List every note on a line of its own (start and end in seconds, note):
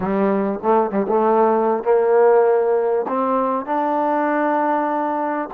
0.00 0.59 G3
0.62 0.90 A3
0.90 1.06 G3
1.08 1.83 A3
1.83 3.06 A#3
3.08 3.65 C4
3.65 5.49 D4